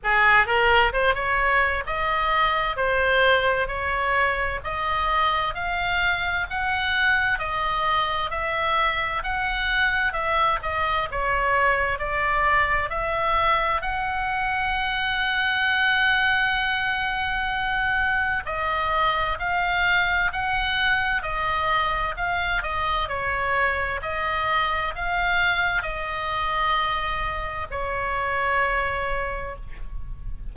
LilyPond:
\new Staff \with { instrumentName = "oboe" } { \time 4/4 \tempo 4 = 65 gis'8 ais'8 c''16 cis''8. dis''4 c''4 | cis''4 dis''4 f''4 fis''4 | dis''4 e''4 fis''4 e''8 dis''8 | cis''4 d''4 e''4 fis''4~ |
fis''1 | dis''4 f''4 fis''4 dis''4 | f''8 dis''8 cis''4 dis''4 f''4 | dis''2 cis''2 | }